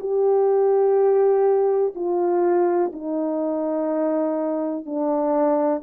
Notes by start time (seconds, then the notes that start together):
0.00 G4
1.95 F4
2.93 D#4
4.86 D4